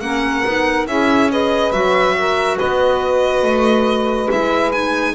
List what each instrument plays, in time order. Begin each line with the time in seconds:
0.00 double bass A#3, clarinet C#4, saxophone A#4, violin F#5
0.45 double bass B3, clarinet D#4
0.86 double bass C#4, clarinet E4, saxophone G#4, violin E5
1.30 clarinet G#4, saxophone B4, violin D#5
1.71 double bass F#3, clarinet F#4, violin E5
2.17 saxophone A#4
2.56 double bass B3, saxophone B4, violin D#5
3.42 double bass A3
4.29 double bass G#3, clarinet E4, violin E5
4.72 clarinet D#4, violin G#5